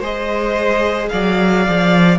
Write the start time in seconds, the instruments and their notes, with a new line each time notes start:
0.00 cello G#3, viola G#4, violin C5 D#5
1.09 cello F#3, violin D5 F5
1.68 cello F3